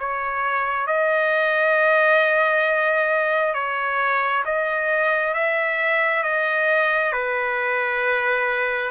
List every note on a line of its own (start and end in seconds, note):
0.00 0.87 C#5
0.87 3.54 D#5
3.54 4.44 C#5
4.45 5.34 D#5
5.34 6.23 E5
6.23 7.12 D#5
7.12 8.91 B4